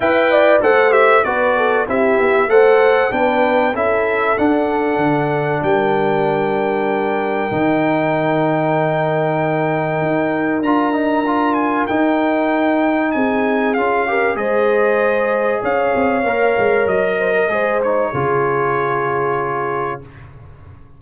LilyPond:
<<
  \new Staff \with { instrumentName = "trumpet" } { \time 4/4 \tempo 4 = 96 g''4 fis''8 e''8 d''4 e''4 | fis''4 g''4 e''4 fis''4~ | fis''4 g''2.~ | g''1~ |
g''4 ais''4. gis''8 g''4~ | g''4 gis''4 f''4 dis''4~ | dis''4 f''2 dis''4~ | dis''8 cis''2.~ cis''8 | }
  \new Staff \with { instrumentName = "horn" } { \time 4/4 e''8 d''8 c''4 b'8 a'8 g'4 | c''4 b'4 a'2~ | a'4 ais'2.~ | ais'1~ |
ais'1~ | ais'4 gis'4. ais'8 c''4~ | c''4 cis''2~ cis''8 c''16 ais'16 | c''4 gis'2. | }
  \new Staff \with { instrumentName = "trombone" } { \time 4/4 b'4 a'8 g'8 fis'4 e'4 | a'4 d'4 e'4 d'4~ | d'1 | dis'1~ |
dis'4 f'8 dis'8 f'4 dis'4~ | dis'2 f'8 g'8 gis'4~ | gis'2 ais'2 | gis'8 dis'8 f'2. | }
  \new Staff \with { instrumentName = "tuba" } { \time 4/4 e'4 a4 b4 c'8 b8 | a4 b4 cis'4 d'4 | d4 g2. | dis1 |
dis'4 d'2 dis'4~ | dis'4 c'4 cis'4 gis4~ | gis4 cis'8 c'8 ais8 gis8 fis4 | gis4 cis2. | }
>>